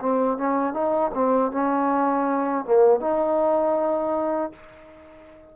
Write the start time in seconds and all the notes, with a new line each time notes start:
0.00 C4
0.37 C#4
0.74 D#4
1.14 C4
1.51 C#4
2.65 A#3
3.00 D#4